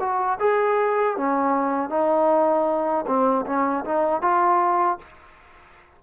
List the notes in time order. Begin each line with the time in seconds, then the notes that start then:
0.00 F#4
0.40 G#4
1.17 C#4
1.90 D#4
3.07 C4
3.46 C#4
3.85 D#4
4.21 F4